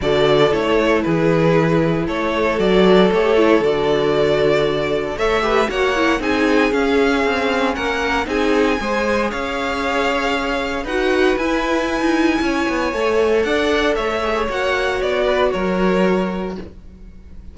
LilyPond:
<<
  \new Staff \with { instrumentName = "violin" } { \time 4/4 \tempo 4 = 116 d''4 cis''4 b'2 | cis''4 d''4 cis''4 d''4~ | d''2 e''4 fis''4 | gis''4 f''2 fis''4 |
gis''2 f''2~ | f''4 fis''4 gis''2~ | gis''2 fis''4 e''4 | fis''4 d''4 cis''2 | }
  \new Staff \with { instrumentName = "violin" } { \time 4/4 a'2 gis'2 | a'1~ | a'2 cis''8 b'8 cis''4 | gis'2. ais'4 |
gis'4 c''4 cis''2~ | cis''4 b'2. | cis''2 d''4 cis''4~ | cis''4. b'8 ais'2 | }
  \new Staff \with { instrumentName = "viola" } { \time 4/4 fis'4 e'2.~ | e'4 fis'4 g'8 e'8 fis'4~ | fis'2 a'8 g'8 fis'8 e'8 | dis'4 cis'2. |
dis'4 gis'2.~ | gis'4 fis'4 e'2~ | e'4 a'2~ a'8 gis'8 | fis'1 | }
  \new Staff \with { instrumentName = "cello" } { \time 4/4 d4 a4 e2 | a4 fis4 a4 d4~ | d2 a4 ais4 | c'4 cis'4 c'4 ais4 |
c'4 gis4 cis'2~ | cis'4 dis'4 e'4~ e'16 dis'8. | cis'8 b8 a4 d'4 a4 | ais4 b4 fis2 | }
>>